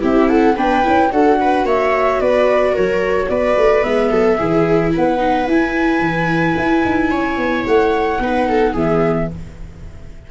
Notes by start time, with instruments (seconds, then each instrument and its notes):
0.00 tuba C4, viola E4 G4, flute E5
0.29 viola A4, flute F#5
0.56 tuba B3, viola D4 B4, flute G5
0.84 tuba C#4, viola E4
1.11 tuba D4, viola F#4 A4, flute F#5
1.40 viola B4
1.64 tuba A#3, viola C#5, flute E5
2.20 tuba B3, viola B4, flute D5
2.72 tuba F#3, viola A#4, flute C#5
3.29 tuba B3, viola B4, flute D5
3.57 tuba A3
3.83 tuba G#3, viola B3, flute E5
4.10 tuba F#3, viola A4
4.37 tuba E3, viola E4 G#4
4.92 tuba B3, viola B4, flute F#5
5.18 viola D#4
5.47 tuba E4, viola E4, flute G#5
5.99 tuba E3
6.57 tuba E4
6.85 tuba D#4
7.10 tuba C#4, viola C#5
7.37 tuba B3
7.66 tuba A3, flute F#5
8.19 tuba B3, viola D#4 B4
8.49 viola A4
8.72 tuba E3, viola B3 G#4, flute E5